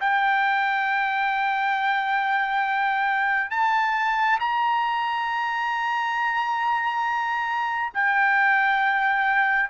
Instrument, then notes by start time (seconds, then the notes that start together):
trumpet
0.00 G5
3.51 A5
4.40 A#5
7.94 G5